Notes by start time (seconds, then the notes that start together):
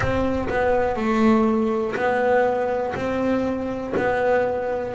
0.00 C4
0.49 B3
0.96 A3
1.95 B3
2.95 C4
3.96 B3